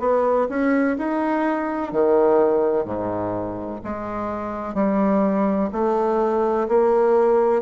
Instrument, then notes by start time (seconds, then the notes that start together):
bassoon
0.00 B3
0.49 C#4
0.98 D#4
1.92 D#3
2.85 G#2
3.84 G#3
4.74 G3
5.73 A3
6.68 A#3